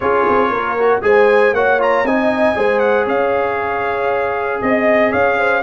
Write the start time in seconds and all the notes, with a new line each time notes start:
0.00 C#4 F4 G#4 C#5
0.29 C4
0.50 A#3 A#4
0.78 F#4
1.01 G#3 G#4 C5 G#5
1.52 A#3 F#4 C#5 F#5
1.79 F4 A#5
2.04 C4 D#4 D#5 G#5
2.55 G#3 G#4 C5
2.79 F#5
3.04 C#4 C#5 F5
4.61 C4 D#5
5.11 C#4 C#5 F5
5.37 C5